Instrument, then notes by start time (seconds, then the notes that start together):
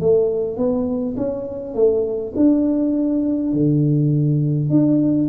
tuba
0.00 A3
0.57 B3
1.17 C#4
1.74 A3
2.36 D4
3.53 D3
4.70 D4